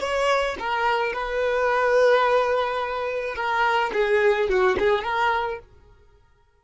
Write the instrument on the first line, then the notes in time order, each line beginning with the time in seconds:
violin
0.00 C#5
0.59 A#4
1.13 B4
3.36 A#4
3.93 G#4
4.49 F#4
4.79 G#4
5.04 A#4